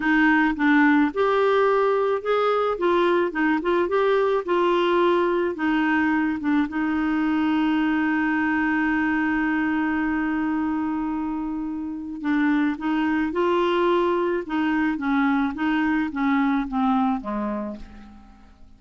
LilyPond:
\new Staff \with { instrumentName = "clarinet" } { \time 4/4 \tempo 4 = 108 dis'4 d'4 g'2 | gis'4 f'4 dis'8 f'8 g'4 | f'2 dis'4. d'8 | dis'1~ |
dis'1~ | dis'2 d'4 dis'4 | f'2 dis'4 cis'4 | dis'4 cis'4 c'4 gis4 | }